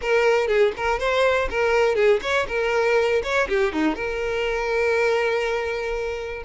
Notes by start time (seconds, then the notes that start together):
0.01 A#4
0.47 G#4
0.77 A#4
0.99 C5
1.50 A#4
1.95 G#4
2.22 C#5
2.48 A#4
3.23 C#5
3.48 G4
3.72 D#4
3.95 A#4